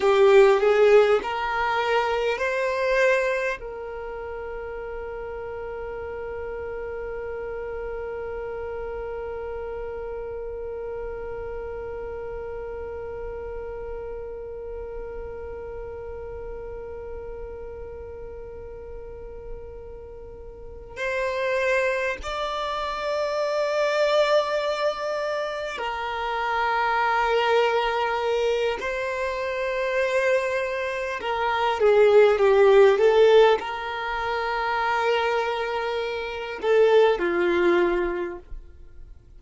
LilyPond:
\new Staff \with { instrumentName = "violin" } { \time 4/4 \tempo 4 = 50 g'8 gis'8 ais'4 c''4 ais'4~ | ais'1~ | ais'1~ | ais'1~ |
ais'4. c''4 d''4.~ | d''4. ais'2~ ais'8 | c''2 ais'8 gis'8 g'8 a'8 | ais'2~ ais'8 a'8 f'4 | }